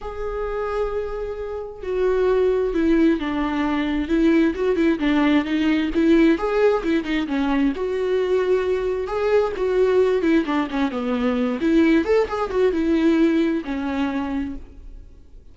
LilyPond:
\new Staff \with { instrumentName = "viola" } { \time 4/4 \tempo 4 = 132 gis'1 | fis'2 e'4 d'4~ | d'4 e'4 fis'8 e'8 d'4 | dis'4 e'4 gis'4 e'8 dis'8 |
cis'4 fis'2. | gis'4 fis'4. e'8 d'8 cis'8 | b4. e'4 a'8 gis'8 fis'8 | e'2 cis'2 | }